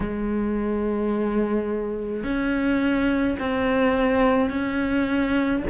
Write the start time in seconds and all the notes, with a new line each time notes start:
0.00 G#3
2.23 C#4
3.39 C4
4.50 C#4